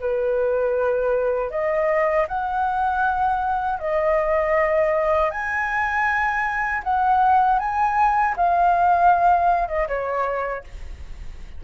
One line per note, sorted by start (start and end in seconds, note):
0.00 1.51 B4
1.51 2.27 D#5
2.28 3.80 F#5
3.80 5.31 D#5
5.31 6.83 G#5
6.84 7.59 F#5
7.59 8.35 G#5
8.36 9.68 F5
9.68 9.87 D#5
9.88 10.64 C#5